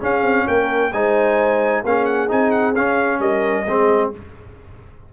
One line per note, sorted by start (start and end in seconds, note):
0.00 0.91 C#4
0.00 0.22 C#4
0.00 0.45 G#4
0.00 0.48 F5
0.22 0.45 C4
0.47 0.93 A#3
0.47 0.92 A#4
0.47 0.93 G5
0.93 1.84 G#3
0.93 1.85 D#4
0.93 1.84 C5
0.93 1.84 G#5
1.84 2.29 A#3
1.84 2.28 C#4
1.84 3.20 G#4
1.84 2.05 F5
2.05 2.28 F#5
2.28 2.77 C4
2.28 2.74 D#4
2.28 2.51 G#5
2.51 2.74 F#5
2.75 3.67 C#4
2.75 3.19 C#4
2.75 3.20 F5
3.19 3.65 G3
3.19 3.65 A#4
3.19 4.11 D#5
3.65 4.11 G#3
3.65 4.13 C4
3.65 4.11 G#4